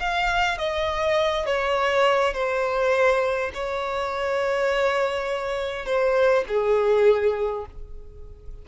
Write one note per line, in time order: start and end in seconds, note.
0.00 0.59 F5
0.59 1.46 D#5
1.46 2.34 C#5
2.34 3.52 C5
3.54 5.86 C#5
5.86 6.45 C5
6.49 7.66 G#4